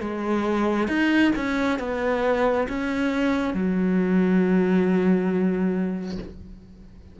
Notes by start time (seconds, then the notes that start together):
0.00 G#3
0.87 D#4
1.36 C#4
1.79 B3
2.68 C#4
3.54 F#3